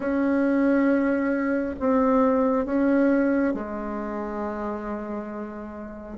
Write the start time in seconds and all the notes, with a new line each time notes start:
0.00 C#4
1.79 C4
2.65 C#4
3.53 G#3